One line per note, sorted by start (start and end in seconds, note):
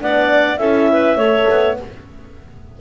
0.00 0.58 B3
0.00 0.59 D4
0.00 0.60 D5
0.00 0.58 F#5
0.58 1.16 C#4
0.58 1.20 E4
0.58 0.90 A4
0.58 1.76 E5
0.93 1.18 B4
1.16 1.46 A3
1.16 1.79 A4
1.16 1.77 C#5
1.51 1.81 B3